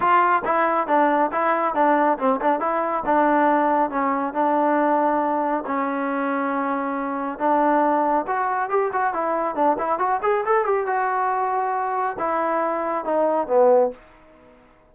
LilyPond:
\new Staff \with { instrumentName = "trombone" } { \time 4/4 \tempo 4 = 138 f'4 e'4 d'4 e'4 | d'4 c'8 d'8 e'4 d'4~ | d'4 cis'4 d'2~ | d'4 cis'2.~ |
cis'4 d'2 fis'4 | g'8 fis'8 e'4 d'8 e'8 fis'8 gis'8 | a'8 g'8 fis'2. | e'2 dis'4 b4 | }